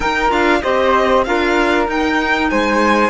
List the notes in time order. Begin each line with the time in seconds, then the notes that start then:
0.00 D#4 A#4 G5
0.29 D4 F4 F5
0.62 C4 G4 C5 D#5
1.24 D4 F4 A#4 F5
1.86 D#4 G5
2.50 G#3 C5 G#5